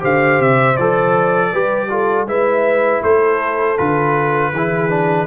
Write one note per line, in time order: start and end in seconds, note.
0.00 0.40 D3
0.00 0.75 G4
0.00 1.51 C5
0.00 0.42 F5
0.40 0.77 C3
0.40 0.77 E5
0.77 1.53 F3
0.77 1.54 A4
0.77 2.27 D5
1.52 2.26 G3
1.52 1.90 G4
1.52 1.90 B4
1.90 2.27 F4
1.90 2.28 A4
2.26 3.01 G#3
2.26 3.78 E4
2.26 3.02 B4
2.26 3.03 E5
3.02 3.78 A3
3.02 4.52 A4
3.02 3.78 C5
3.78 4.53 D3
3.78 4.53 F4
3.78 5.27 B4
4.53 5.27 E3
4.53 4.90 E4
4.53 5.27 G#4
4.90 5.27 D4